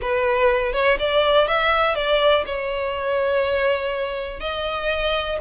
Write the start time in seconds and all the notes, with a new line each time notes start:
0.01 B4
0.72 C#5
0.99 D5
1.47 E5
1.95 D5
2.45 C#5
4.40 D#5